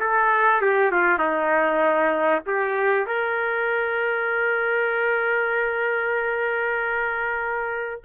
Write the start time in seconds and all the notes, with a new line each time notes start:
0.00 A4
0.62 G4
0.92 F4
1.19 D#4
2.46 G4
3.07 A#4